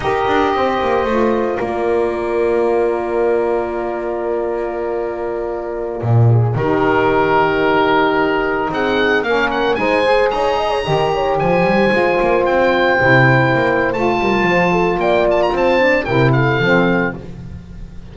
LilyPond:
<<
  \new Staff \with { instrumentName = "oboe" } { \time 4/4 \tempo 4 = 112 dis''2. d''4~ | d''1~ | d''1~ | d''16 ais'2.~ ais'8.~ |
ais'16 fis''4 f''8 fis''8 gis''4 ais''8.~ | ais''4~ ais''16 gis''2 g''8.~ | g''2 a''2 | g''8 a''16 ais''16 a''4 g''8 f''4. | }
  \new Staff \with { instrumentName = "horn" } { \time 4/4 ais'4 c''2 ais'4~ | ais'1~ | ais'2.~ ais'8. gis'16~ | gis'16 g'2.~ g'8.~ |
g'16 gis'4 ais'4 c''4 cis''8 dis''16 | cis''16 dis''8 cis''8 c''2~ c''8.~ | c''2~ c''8 ais'8 c''8 a'8 | d''4 c''4 ais'8 a'4. | }
  \new Staff \with { instrumentName = "saxophone" } { \time 4/4 g'2 f'2~ | f'1~ | f'1~ | f'16 dis'2.~ dis'8.~ |
dis'4~ dis'16 cis'4 dis'8 gis'4~ gis'16~ | gis'16 g'2 f'4.~ f'16~ | f'16 e'4.~ e'16 f'2~ | f'4. d'8 e'4 c'4 | }
  \new Staff \with { instrumentName = "double bass" } { \time 4/4 dis'8 d'8 c'8 ais8 a4 ais4~ | ais1~ | ais2.~ ais16 ais,8.~ | ais,16 dis2.~ dis8.~ |
dis16 c'4 ais4 gis4 dis'8.~ | dis'16 dis4 f8 g8 gis8 ais8 c'8.~ | c'16 c4 ais8. a8 g8 f4 | ais4 c'4 c4 f4 | }
>>